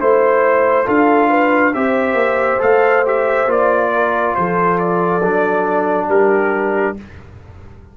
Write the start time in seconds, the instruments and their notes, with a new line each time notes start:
0.00 tuba A3, trombone E4, horn C5, trumpet C5
0.86 tuba D4, trombone F4, horn A4, trumpet F5
1.30 horn B4
1.74 tuba C4, trombone G4, horn C5, trumpet E5
2.14 tuba A#3
2.59 tuba A3, trombone A4, trumpet F5
3.06 trombone G4, trumpet E5
3.47 tuba A#3, trombone F4, trumpet D5
3.94 horn A#4
4.35 tuba F3, horn A4, trumpet C5
4.79 trumpet D5
5.23 tuba F#3, trombone D4
6.08 tuba G3, horn G4, trumpet A#4